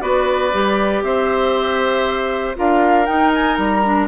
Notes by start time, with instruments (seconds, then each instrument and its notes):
0.00 bassoon B3, clarinet F#4, oboe B4, flute D5
0.53 bassoon G3, clarinet G4
1.02 bassoon C4, oboe C5, flute E5
2.55 bassoon D4, clarinet F4, oboe A#4, flute F5
3.05 clarinet D#4, bassoon D#4, flute G5
3.34 flute G#5
3.55 bassoon G3, flute A#5
3.84 clarinet D4